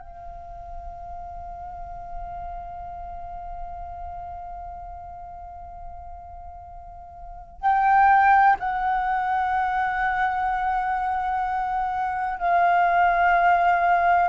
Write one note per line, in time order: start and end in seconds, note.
0.00 7.61 F5
7.61 8.57 G5
8.60 12.40 F#5
12.40 14.29 F5